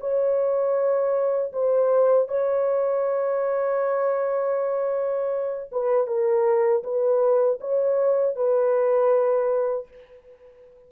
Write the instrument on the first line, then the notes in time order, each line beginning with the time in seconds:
horn
0.00 C#5
1.52 C5
2.28 C#5
5.72 B4
6.07 A#4
6.83 B4
7.60 C#5
8.35 B4